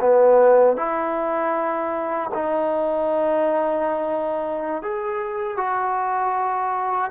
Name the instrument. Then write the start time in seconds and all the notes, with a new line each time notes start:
trombone
0.00 B3
0.77 E4
2.34 D#4
4.83 G#4
5.57 F#4